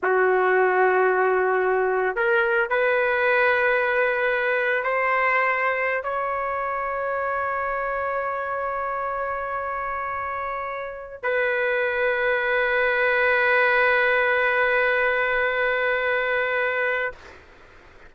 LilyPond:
\new Staff \with { instrumentName = "trumpet" } { \time 4/4 \tempo 4 = 112 fis'1 | ais'4 b'2.~ | b'4 c''2~ c''16 cis''8.~ | cis''1~ |
cis''1~ | cis''4 b'2.~ | b'1~ | b'1 | }